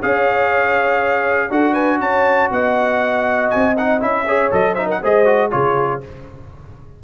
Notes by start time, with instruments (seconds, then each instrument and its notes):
0.00 tuba C#4, trombone G#4, horn C#5, trumpet F5
1.51 tuba D4, trombone F#4, horn A4, trumpet F#5
1.73 horn B4, trumpet G#5
2.01 tuba C#4, horn C#5, trumpet A5
2.52 tuba B3, horn D#5, trumpet F#5
3.50 tuba C4, trumpet G#5
3.77 trombone D#4, trumpet F#5
4.01 tuba C#4, trombone E4, trumpet E5
4.25 trombone G#4, horn C#5
4.51 tuba F#3, trombone A4, trumpet D#5
4.73 trombone D#4, horn C5, trumpet E5
4.86 horn A#4, trumpet F#5
5.02 tuba G#3, trombone G#4, horn C5, trumpet D#5
5.26 trombone F#4
5.51 tuba C#3, trombone F4, horn G#4, trumpet C#5